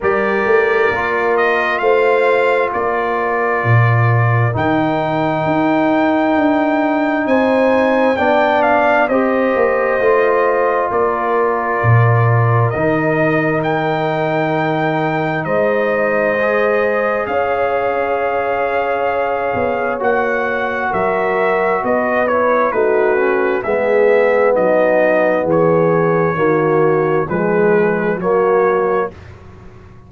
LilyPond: <<
  \new Staff \with { instrumentName = "trumpet" } { \time 4/4 \tempo 4 = 66 d''4. dis''8 f''4 d''4~ | d''4 g''2. | gis''4 g''8 f''8 dis''2 | d''2 dis''4 g''4~ |
g''4 dis''2 f''4~ | f''2 fis''4 e''4 | dis''8 cis''8 b'4 e''4 dis''4 | cis''2 b'4 cis''4 | }
  \new Staff \with { instrumentName = "horn" } { \time 4/4 ais'2 c''4 ais'4~ | ais'1 | c''4 d''4 c''2 | ais'1~ |
ais'4 c''2 cis''4~ | cis''2. ais'4 | b'4 fis'4 gis'4 dis'4 | gis'4 fis'4 gis'4 fis'4 | }
  \new Staff \with { instrumentName = "trombone" } { \time 4/4 g'4 f'2.~ | f'4 dis'2.~ | dis'4 d'4 g'4 f'4~ | f'2 dis'2~ |
dis'2 gis'2~ | gis'2 fis'2~ | fis'8 e'8 dis'8 cis'8 b2~ | b4 ais4 gis4 ais4 | }
  \new Staff \with { instrumentName = "tuba" } { \time 4/4 g8 a8 ais4 a4 ais4 | ais,4 dis4 dis'4 d'4 | c'4 b4 c'8 ais8 a4 | ais4 ais,4 dis2~ |
dis4 gis2 cis'4~ | cis'4. b8 ais4 fis4 | b4 a4 gis4 fis4 | e4 dis4 f4 fis4 | }
>>